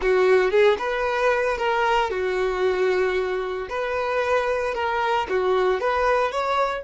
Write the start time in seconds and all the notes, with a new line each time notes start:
0.01 F#4
0.50 G#4
0.78 B4
1.57 A#4
2.10 F#4
3.69 B4
4.74 A#4
5.29 F#4
5.80 B4
6.31 C#5